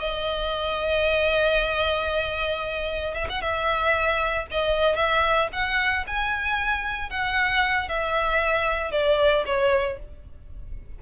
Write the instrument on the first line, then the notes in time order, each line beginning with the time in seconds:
violin
0.00 D#5
3.14 E5
3.30 F#5
3.42 E5
4.51 D#5
4.96 E5
5.53 F#5
6.07 G#5
7.10 F#5
7.89 E5
8.92 D5
9.46 C#5